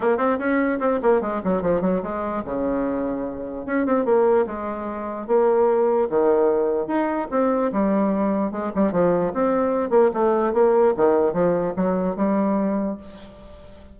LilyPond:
\new Staff \with { instrumentName = "bassoon" } { \time 4/4 \tempo 4 = 148 ais8 c'8 cis'4 c'8 ais8 gis8 fis8 | f8 fis8 gis4 cis2~ | cis4 cis'8 c'8 ais4 gis4~ | gis4 ais2 dis4~ |
dis4 dis'4 c'4 g4~ | g4 gis8 g8 f4 c'4~ | c'8 ais8 a4 ais4 dis4 | f4 fis4 g2 | }